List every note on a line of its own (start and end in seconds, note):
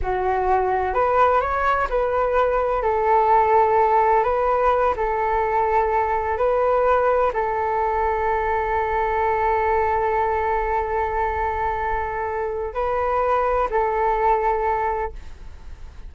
0.02 0.94 F#4
0.94 1.40 B4
1.40 1.87 C#5
1.89 2.82 B4
2.82 4.23 A4
4.23 4.94 B4
4.96 6.37 A4
6.37 7.32 B4
7.33 12.74 A4
12.74 13.68 B4
13.70 15.12 A4